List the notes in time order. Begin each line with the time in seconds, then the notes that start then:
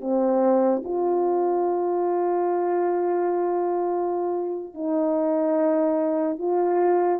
0.00 C4
0.84 F4
4.74 D#4
6.38 F4